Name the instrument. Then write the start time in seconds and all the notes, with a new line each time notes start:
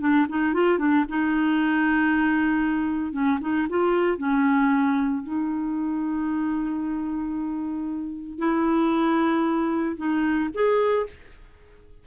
clarinet
0.00 D4
0.29 D#4
0.54 F4
0.78 D4
1.09 D#4
3.12 C#4
3.41 D#4
3.69 F4
4.18 C#4
5.23 D#4
8.39 E4
9.97 D#4
10.54 G#4